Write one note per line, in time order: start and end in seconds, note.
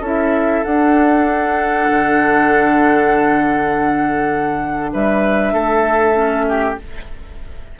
0.00 0.61 C#4
0.00 0.65 E4
0.00 4.90 A4
0.06 0.64 E5
0.64 6.14 D4
0.64 1.88 D4
0.64 4.92 F#5
1.90 4.93 D3
4.93 5.53 G3
4.93 5.53 B4
4.93 6.77 E5
5.53 6.75 A3
5.53 6.45 A4
6.14 6.75 C#4
6.48 6.79 G4